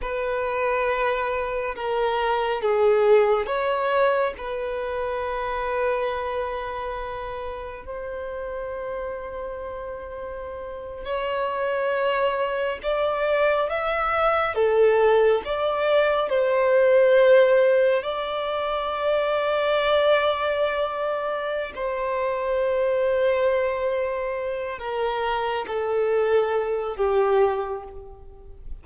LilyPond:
\new Staff \with { instrumentName = "violin" } { \time 4/4 \tempo 4 = 69 b'2 ais'4 gis'4 | cis''4 b'2.~ | b'4 c''2.~ | c''8. cis''2 d''4 e''16~ |
e''8. a'4 d''4 c''4~ c''16~ | c''8. d''2.~ d''16~ | d''4 c''2.~ | c''8 ais'4 a'4. g'4 | }